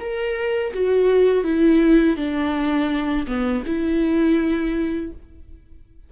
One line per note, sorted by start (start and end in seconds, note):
0.00 0.73 A#4
0.74 1.44 F#4
1.44 2.17 E4
2.17 3.27 D4
3.27 3.64 B3
3.66 5.13 E4